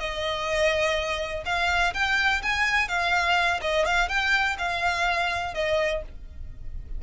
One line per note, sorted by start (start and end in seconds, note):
0.00 1.44 D#5
1.45 1.93 F5
1.94 2.42 G5
2.43 2.88 G#5
2.88 3.60 F5
3.61 3.85 D#5
3.85 4.08 F5
4.08 4.56 G5
4.58 5.54 F5
5.54 6.02 D#5